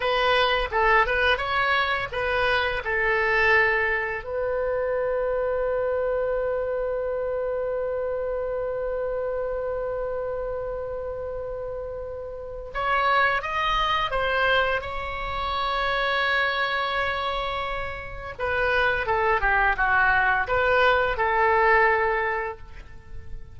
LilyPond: \new Staff \with { instrumentName = "oboe" } { \time 4/4 \tempo 4 = 85 b'4 a'8 b'8 cis''4 b'4 | a'2 b'2~ | b'1~ | b'1~ |
b'2 cis''4 dis''4 | c''4 cis''2.~ | cis''2 b'4 a'8 g'8 | fis'4 b'4 a'2 | }